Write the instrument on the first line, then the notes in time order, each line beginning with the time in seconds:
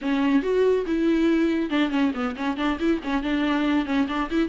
viola
0.01 C#4
0.42 F#4
0.86 E4
1.69 D4
1.90 C#4
2.14 B3
2.36 C#4
2.57 D4
2.79 E4
3.03 C#4
3.22 D4
3.85 C#4
4.08 D4
4.30 E4